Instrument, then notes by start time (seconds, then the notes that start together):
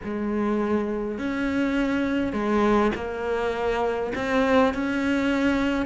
cello
0.03 G#3
1.18 C#4
2.32 G#3
2.95 A#3
4.15 C4
4.74 C#4